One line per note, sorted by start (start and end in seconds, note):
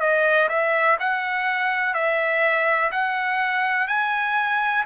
0.00 0.48 D#5
0.49 0.97 E5
0.99 1.94 F#5
1.94 2.91 E5
2.92 3.87 F#5
3.87 4.84 G#5